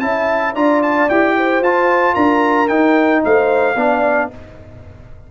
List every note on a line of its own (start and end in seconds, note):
0.00 0.55 C#4
0.00 0.55 E4
0.00 0.55 E5
0.00 0.54 A5
0.55 1.09 D4
0.55 1.09 F4
0.55 1.35 D5
0.55 0.82 A#5
0.83 1.09 A5
1.09 1.61 E4
1.09 1.64 G4
1.09 1.63 G5
1.37 2.14 C5
1.61 2.15 F4
1.61 2.69 F4
1.61 2.15 A5
2.14 2.69 D4
2.14 3.21 A#4
2.14 2.68 A#5
2.68 3.22 D#4
2.68 3.76 D#4
2.68 3.22 G5
3.25 3.76 A3
3.25 3.76 C5
3.25 4.32 F5
3.76 4.30 B3
3.76 4.31 D4
3.76 4.30 D5